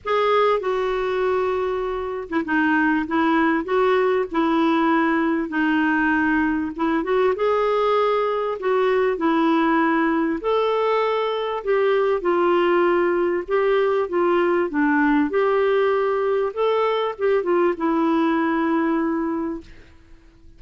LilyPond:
\new Staff \with { instrumentName = "clarinet" } { \time 4/4 \tempo 4 = 98 gis'4 fis'2~ fis'8. e'16 | dis'4 e'4 fis'4 e'4~ | e'4 dis'2 e'8 fis'8 | gis'2 fis'4 e'4~ |
e'4 a'2 g'4 | f'2 g'4 f'4 | d'4 g'2 a'4 | g'8 f'8 e'2. | }